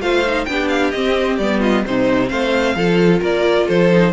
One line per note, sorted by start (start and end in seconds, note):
0.00 0.46 A3
0.00 0.24 F4
0.00 0.47 C5
0.00 0.45 F5
0.26 0.47 D#4
0.45 0.93 B3
0.45 0.93 D4
0.45 0.68 G5
0.51 1.59 G4
0.68 0.91 F5
0.91 1.38 C4
0.91 1.40 C4
0.91 1.36 D#5
1.37 1.84 G3
1.37 1.84 B3
1.37 1.60 D5
1.59 1.82 F4
1.59 1.84 D#5
1.84 2.31 C3
1.84 2.75 C4
1.84 2.30 D#4
1.84 2.28 C5
2.28 2.75 A3
2.28 2.75 C5
2.28 3.20 F5
2.75 3.21 F3
2.75 3.91 F4
2.75 3.20 A4
3.20 3.68 A#3
3.20 3.65 A#4
3.20 3.68 D5
3.66 4.12 F3
3.66 4.12 A4
3.66 4.12 C5
3.92 4.12 D#4